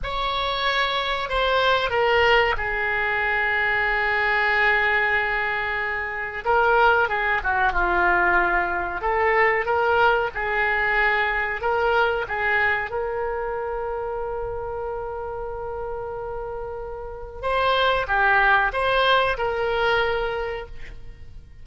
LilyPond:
\new Staff \with { instrumentName = "oboe" } { \time 4/4 \tempo 4 = 93 cis''2 c''4 ais'4 | gis'1~ | gis'2 ais'4 gis'8 fis'8 | f'2 a'4 ais'4 |
gis'2 ais'4 gis'4 | ais'1~ | ais'2. c''4 | g'4 c''4 ais'2 | }